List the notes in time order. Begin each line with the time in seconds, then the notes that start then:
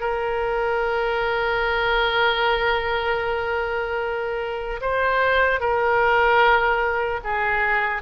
0.00 A#4
4.81 C5
5.60 A#4
7.24 G#4